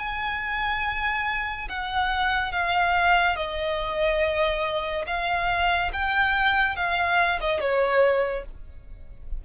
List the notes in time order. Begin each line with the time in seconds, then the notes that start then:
0.00 G#5
1.69 F#5
2.52 F5
3.36 D#5
5.07 F5
5.93 G5
6.76 F5
7.41 D#5
7.61 C#5